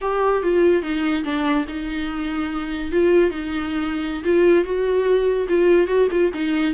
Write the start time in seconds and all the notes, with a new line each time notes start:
0.01 G4
0.42 F4
0.82 D#4
1.24 D4
1.68 D#4
2.91 F4
3.30 D#4
4.24 F4
4.64 F#4
5.48 F4
5.87 F#4
6.11 F4
6.33 D#4